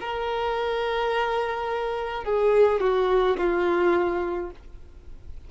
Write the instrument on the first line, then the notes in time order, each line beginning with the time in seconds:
violin
0.00 A#4
2.24 G#4
2.80 F#4
3.37 F4